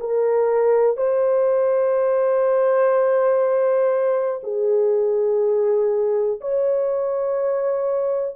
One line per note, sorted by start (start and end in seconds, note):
0.00 0.97 A#4
0.97 4.41 C5
4.44 6.40 G#4
6.41 8.36 C#5